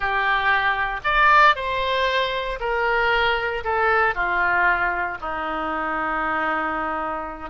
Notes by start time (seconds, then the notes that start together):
0.00 G4
1.03 D5
1.55 C5
2.60 A#4
3.63 A4
4.14 F4
5.20 D#4